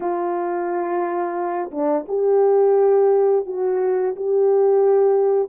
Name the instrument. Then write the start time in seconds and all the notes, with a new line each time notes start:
horn
0.00 F4
1.71 D4
2.08 G4
3.46 F#4
4.15 G4